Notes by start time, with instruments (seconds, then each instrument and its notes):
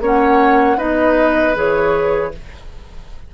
0.00 bassoon A#3, clarinet C#4, oboe C#5, flute F#5
0.77 bassoon B3, clarinet D#4, oboe B4, flute D#5
1.55 bassoon E3, clarinet G#4, flute C#5